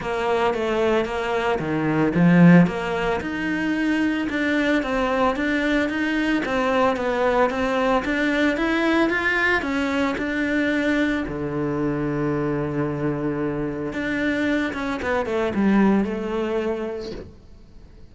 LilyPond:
\new Staff \with { instrumentName = "cello" } { \time 4/4 \tempo 4 = 112 ais4 a4 ais4 dis4 | f4 ais4 dis'2 | d'4 c'4 d'4 dis'4 | c'4 b4 c'4 d'4 |
e'4 f'4 cis'4 d'4~ | d'4 d2.~ | d2 d'4. cis'8 | b8 a8 g4 a2 | }